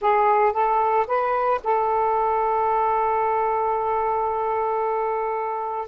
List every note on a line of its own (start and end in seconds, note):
0.01 0.53 G#4
0.53 1.06 A4
1.07 1.60 B4
1.63 5.88 A4